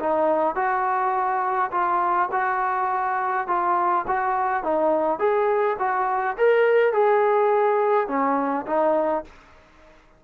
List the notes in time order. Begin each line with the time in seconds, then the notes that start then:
0.00 D#4
0.55 F#4
1.72 F4
2.32 F#4
3.48 F4
4.08 F#4
4.63 D#4
5.19 G#4
5.79 F#4
6.37 A#4
6.93 G#4
8.08 C#4
8.67 D#4